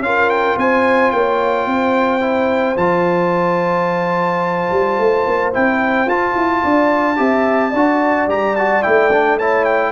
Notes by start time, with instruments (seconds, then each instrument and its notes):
0.00 tuba C#4, trombone F4, horn A#4, trumpet F5
0.30 trumpet G5
0.57 tuba C4, horn C5, trumpet G#5
1.11 tuba A#3, horn C#5, trumpet G5
1.66 tuba C4, horn C5
2.21 trombone E4
2.77 tuba F3, trombone F4, trumpet A5
4.71 tuba G3
4.99 tuba A3
5.27 tuba A#3
5.53 tuba C4, trombone E4, trumpet G5
6.06 tuba F4, trombone F4, trumpet A5
6.35 tuba E4
6.63 tuba D4, horn D5
7.16 tuba C4, trombone G4, horn E5
7.71 tuba D4, trombone F#4, horn D5
8.28 tuba G3, trombone G4, trumpet A#5
8.56 trombone F#4, trumpet A5
8.83 tuba A3, trombone E4, trumpet G5
9.12 trombone D4
9.37 trombone E4, horn C#5, trumpet A5
9.65 trumpet G5